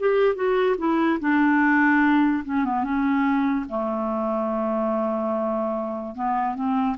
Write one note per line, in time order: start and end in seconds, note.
0.00 0.35 G4
0.35 0.77 F#4
0.78 1.20 E4
1.21 2.44 D4
2.45 2.66 C#4
2.66 2.84 B3
2.84 3.66 C#4
3.69 6.16 A3
6.16 6.56 B3
6.56 6.97 C4